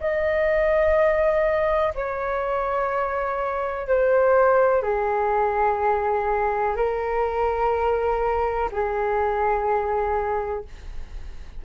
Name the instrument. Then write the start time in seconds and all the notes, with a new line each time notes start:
flute
0.00 D#5
1.94 C#5
3.88 C5
4.82 G#4
6.76 A#4
8.71 G#4